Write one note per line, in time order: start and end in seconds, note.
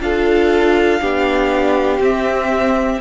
0.00 1.00 D4
0.00 1.01 F4
0.00 1.01 A4
0.00 2.02 F5
1.01 1.99 B3
1.01 2.01 D4
1.01 3.01 G4
1.99 2.99 C4
1.99 3.01 C4
1.99 3.01 E5